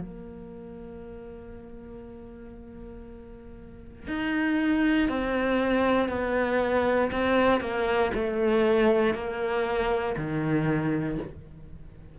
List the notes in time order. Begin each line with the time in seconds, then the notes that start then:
0.00 A#3
4.07 D#4
5.08 C4
6.08 B3
7.11 C4
7.60 A#3
8.14 A3
9.14 A#3
10.16 D#3